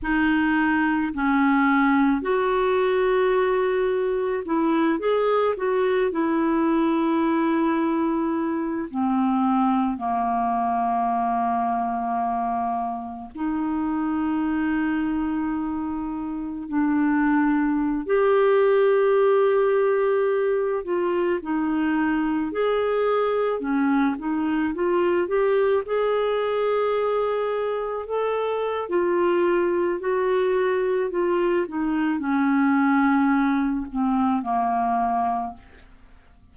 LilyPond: \new Staff \with { instrumentName = "clarinet" } { \time 4/4 \tempo 4 = 54 dis'4 cis'4 fis'2 | e'8 gis'8 fis'8 e'2~ e'8 | c'4 ais2. | dis'2. d'4~ |
d'16 g'2~ g'8 f'8 dis'8.~ | dis'16 gis'4 cis'8 dis'8 f'8 g'8 gis'8.~ | gis'4~ gis'16 a'8. f'4 fis'4 | f'8 dis'8 cis'4. c'8 ais4 | }